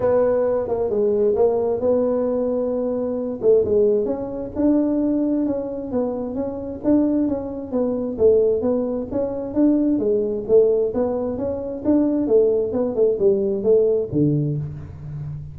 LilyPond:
\new Staff \with { instrumentName = "tuba" } { \time 4/4 \tempo 4 = 132 b4. ais8 gis4 ais4 | b2.~ b8 a8 | gis4 cis'4 d'2 | cis'4 b4 cis'4 d'4 |
cis'4 b4 a4 b4 | cis'4 d'4 gis4 a4 | b4 cis'4 d'4 a4 | b8 a8 g4 a4 d4 | }